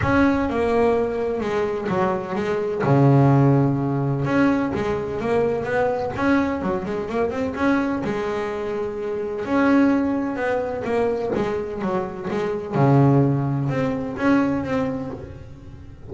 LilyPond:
\new Staff \with { instrumentName = "double bass" } { \time 4/4 \tempo 4 = 127 cis'4 ais2 gis4 | fis4 gis4 cis2~ | cis4 cis'4 gis4 ais4 | b4 cis'4 fis8 gis8 ais8 c'8 |
cis'4 gis2. | cis'2 b4 ais4 | gis4 fis4 gis4 cis4~ | cis4 c'4 cis'4 c'4 | }